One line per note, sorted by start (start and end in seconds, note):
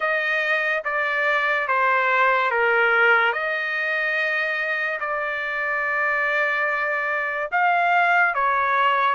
0.00 0.83 D#5
0.84 1.67 D5
1.67 2.50 C5
2.50 3.32 A#4
3.32 4.99 D#5
5.00 7.50 D5
7.51 8.34 F5
8.34 9.14 C#5